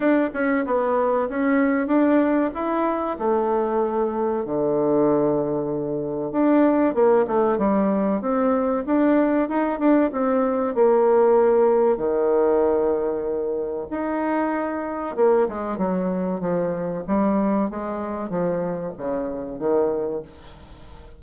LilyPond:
\new Staff \with { instrumentName = "bassoon" } { \time 4/4 \tempo 4 = 95 d'8 cis'8 b4 cis'4 d'4 | e'4 a2 d4~ | d2 d'4 ais8 a8 | g4 c'4 d'4 dis'8 d'8 |
c'4 ais2 dis4~ | dis2 dis'2 | ais8 gis8 fis4 f4 g4 | gis4 f4 cis4 dis4 | }